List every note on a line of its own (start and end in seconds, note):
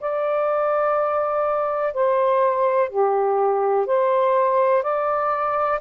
0.00 1.94 D5
1.94 2.89 C5
2.89 3.86 G4
3.86 4.83 C5
4.83 5.79 D5